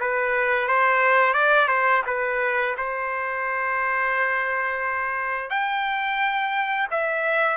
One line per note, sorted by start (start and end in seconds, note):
0.00 0.68 B4
0.68 1.33 C5
1.33 1.68 D5
1.68 2.02 C5
2.06 2.75 B4
2.77 5.50 C5
5.50 6.87 G5
6.91 7.57 E5